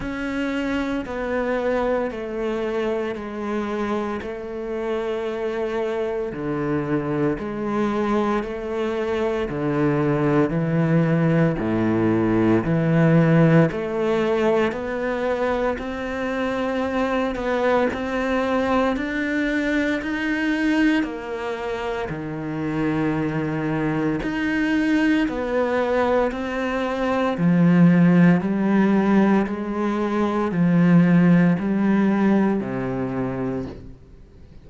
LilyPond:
\new Staff \with { instrumentName = "cello" } { \time 4/4 \tempo 4 = 57 cis'4 b4 a4 gis4 | a2 d4 gis4 | a4 d4 e4 a,4 | e4 a4 b4 c'4~ |
c'8 b8 c'4 d'4 dis'4 | ais4 dis2 dis'4 | b4 c'4 f4 g4 | gis4 f4 g4 c4 | }